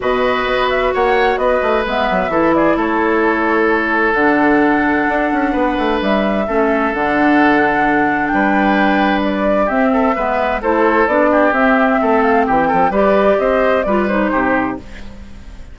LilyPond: <<
  \new Staff \with { instrumentName = "flute" } { \time 4/4 \tempo 4 = 130 dis''4. e''8 fis''4 dis''4 | e''4. d''8 cis''2~ | cis''4 fis''2.~ | fis''4 e''2 fis''4~ |
fis''2 g''2 | d''4 e''2 c''4 | d''4 e''4. f''8 g''4 | d''4 dis''4 d''8 c''4. | }
  \new Staff \with { instrumentName = "oboe" } { \time 4/4 b'2 cis''4 b'4~ | b'4 a'8 gis'8 a'2~ | a'1 | b'2 a'2~ |
a'2 b'2~ | b'4 g'8 a'8 b'4 a'4~ | a'8 g'4. a'4 g'8 a'8 | b'4 c''4 b'4 g'4 | }
  \new Staff \with { instrumentName = "clarinet" } { \time 4/4 fis'1 | b4 e'2.~ | e'4 d'2.~ | d'2 cis'4 d'4~ |
d'1~ | d'4 c'4 b4 e'4 | d'4 c'2. | g'2 f'8 dis'4. | }
  \new Staff \with { instrumentName = "bassoon" } { \time 4/4 b,4 b4 ais4 b8 a8 | gis8 fis8 e4 a2~ | a4 d2 d'8 cis'8 | b8 a8 g4 a4 d4~ |
d2 g2~ | g4 c'4 gis4 a4 | b4 c'4 a4 e8 f8 | g4 c'4 g4 c4 | }
>>